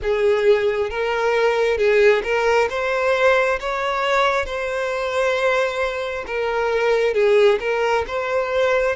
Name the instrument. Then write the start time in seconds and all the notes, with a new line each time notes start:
violin
0.02 G#4
0.90 A#4
1.77 G#4
2.23 A#4
2.69 C5
3.60 C#5
4.45 C5
6.26 A#4
7.14 G#4
7.60 A#4
8.07 C5